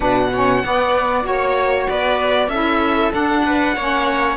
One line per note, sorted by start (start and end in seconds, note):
0.00 0.63 B2
0.00 0.30 D4
0.00 0.28 B4
0.00 1.25 F#5
0.32 0.64 C#4
0.32 0.63 C#5
0.64 1.22 B3
0.64 1.24 B3
0.64 1.26 D5
1.22 1.86 A#3
1.22 2.47 F#4
1.22 1.89 C#5
1.89 2.47 B3
1.89 2.48 B4
1.89 2.49 D5
2.47 3.09 C#4
2.47 3.11 E4
2.47 3.42 A4
2.47 3.11 E5
3.11 3.74 D4
3.11 3.76 D4
3.11 4.36 F#5
3.45 3.76 B4
3.76 4.36 A#3
3.76 4.36 C#4
3.76 4.36 C#5